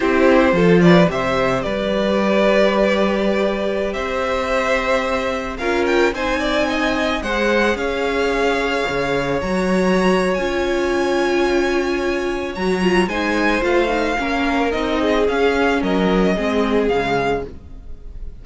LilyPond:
<<
  \new Staff \with { instrumentName = "violin" } { \time 4/4 \tempo 4 = 110 c''4. d''8 e''4 d''4~ | d''2.~ d''16 e''8.~ | e''2~ e''16 f''8 g''8 gis''8.~ | gis''4~ gis''16 fis''4 f''4.~ f''16~ |
f''4~ f''16 ais''4.~ ais''16 gis''4~ | gis''2. ais''4 | gis''4 f''2 dis''4 | f''4 dis''2 f''4 | }
  \new Staff \with { instrumentName = "violin" } { \time 4/4 g'4 a'8 b'8 c''4 b'4~ | b'2.~ b'16 c''8.~ | c''2~ c''16 ais'4 c''8 d''16~ | d''16 dis''4 c''4 cis''4.~ cis''16~ |
cis''1~ | cis''1 | c''2 ais'4. gis'8~ | gis'4 ais'4 gis'2 | }
  \new Staff \with { instrumentName = "viola" } { \time 4/4 e'4 f'4 g'2~ | g'1~ | g'2~ g'16 f'4 dis'8.~ | dis'4~ dis'16 gis'2~ gis'8.~ |
gis'4~ gis'16 fis'4.~ fis'16 f'4~ | f'2. fis'8 f'8 | dis'4 f'8 dis'8 cis'4 dis'4 | cis'2 c'4 gis4 | }
  \new Staff \with { instrumentName = "cello" } { \time 4/4 c'4 f4 c4 g4~ | g2.~ g16 c'8.~ | c'2~ c'16 cis'4 c'8.~ | c'4~ c'16 gis4 cis'4.~ cis'16~ |
cis'16 cis4 fis4.~ fis16 cis'4~ | cis'2. fis4 | gis4 a4 ais4 c'4 | cis'4 fis4 gis4 cis4 | }
>>